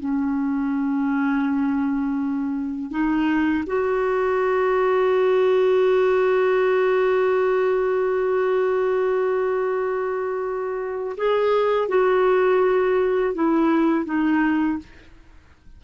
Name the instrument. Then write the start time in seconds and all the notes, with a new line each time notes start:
clarinet
0.00 C#4
2.91 D#4
3.67 F#4
11.18 G#4
11.89 F#4
13.35 E4
14.06 D#4